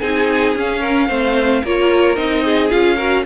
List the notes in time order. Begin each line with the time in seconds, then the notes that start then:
0.00 C4 D#4 G#4 G#5
0.55 C#4 F5
0.80 A#4
1.08 A3 C4 C5
1.63 A#3 F4 A#4 C#5
2.16 C4 D#4 D#5
2.44 G#4
2.69 C#4 F4 F5
2.96 F#4 A#4